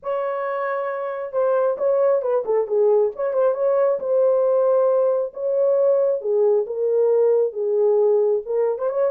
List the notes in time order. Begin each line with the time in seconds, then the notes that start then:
0.03 C#5
1.32 C5
1.77 C#5
2.22 B4
2.45 A4
2.67 G#4
3.15 C#5
3.33 C5
3.54 C#5
3.99 C5
5.33 C#5
6.21 G#4
6.66 A#4
7.53 G#4
8.45 A#4
8.78 C5
8.89 C#5